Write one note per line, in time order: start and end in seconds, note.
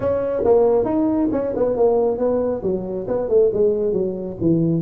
0.00 0.43 C#4
0.44 0.85 A#3
0.85 1.28 D#4
1.32 1.54 C#4
1.56 1.76 B3
1.76 2.18 A#3
2.18 2.61 B3
2.62 3.06 F#3
3.07 3.28 B3
3.28 3.50 A3
3.53 3.92 G#3
3.92 4.36 F#3
4.40 4.81 E3